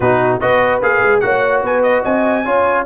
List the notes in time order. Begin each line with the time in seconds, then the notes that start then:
0.00 B2 D#4 F#4 B4
0.40 B3 F#4 B4 D#5
0.82 A#3 G#4 F5
1.02 G#3
1.20 A#3 F#4 C#5 F#5
1.62 B3 B4 G#5
1.82 D#5
2.02 C4 D#5 G#5
2.45 C#4 F4 C#5